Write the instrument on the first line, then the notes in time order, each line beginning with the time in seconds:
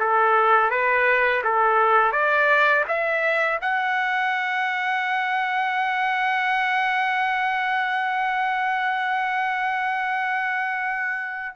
trumpet
0.00 A4
0.71 B4
1.44 A4
2.12 D5
2.88 E5
3.61 F#5